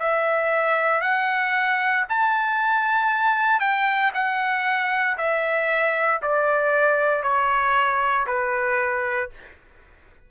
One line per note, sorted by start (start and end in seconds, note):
0.00 1.02 E5
1.02 2.05 F#5
2.10 3.60 A5
3.60 4.12 G5
4.14 5.18 F#5
5.18 6.21 E5
6.23 7.23 D5
7.23 8.27 C#5
8.27 9.31 B4